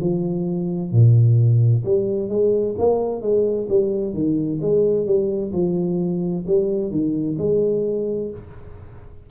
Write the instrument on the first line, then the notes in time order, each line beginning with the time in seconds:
tuba
0.00 F3
0.91 A#2
1.84 G3
2.29 G#3
2.78 A#3
3.21 G#3
3.68 G3
4.13 D#3
4.61 G#3
5.06 G3
5.53 F3
6.47 G3
6.91 D#3
7.38 G#3